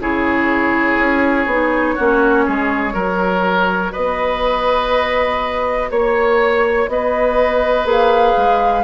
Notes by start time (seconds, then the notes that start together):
0.00 C#3 E4 G#4 C#5
0.98 C#4
1.46 B3 D#4
1.95 A#3 C#4 F#4
2.46 G#3 G#4
2.94 F#3 F#4 A#4
3.92 B3 B4 D#5
5.90 A#3 C#5
6.88 B3 B4 D#5
7.85 A#3 G#4
7.92 F5
8.36 G#3